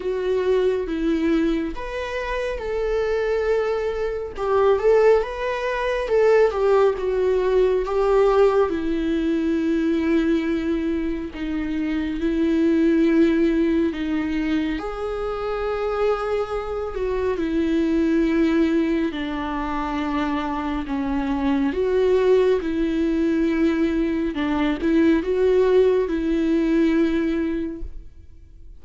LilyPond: \new Staff \with { instrumentName = "viola" } { \time 4/4 \tempo 4 = 69 fis'4 e'4 b'4 a'4~ | a'4 g'8 a'8 b'4 a'8 g'8 | fis'4 g'4 e'2~ | e'4 dis'4 e'2 |
dis'4 gis'2~ gis'8 fis'8 | e'2 d'2 | cis'4 fis'4 e'2 | d'8 e'8 fis'4 e'2 | }